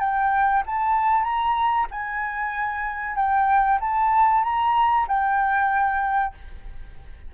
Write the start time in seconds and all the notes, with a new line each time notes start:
0.00 G5
0.67 A5
1.24 A#5
1.91 G#5
3.16 G5
3.80 A5
4.44 A#5
5.08 G5